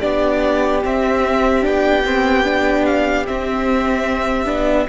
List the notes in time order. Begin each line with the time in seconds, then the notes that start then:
0.00 B3 D4 G4 D5
0.84 C4 E5
1.62 B3 D4 G5
2.05 C4
2.45 D4
2.86 F5
3.27 C4 E5
4.46 B3 D4